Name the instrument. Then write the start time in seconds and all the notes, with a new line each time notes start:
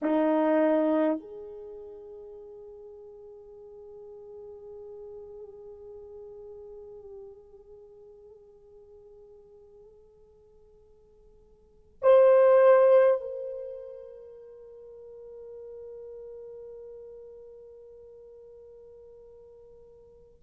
horn
0.02 D#4
1.19 G#4
12.02 C5
13.21 A#4